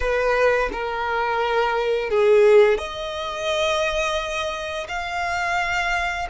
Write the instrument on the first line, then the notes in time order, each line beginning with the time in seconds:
violin
0.00 B4
0.72 A#4
2.10 G#4
2.77 D#5
4.88 F5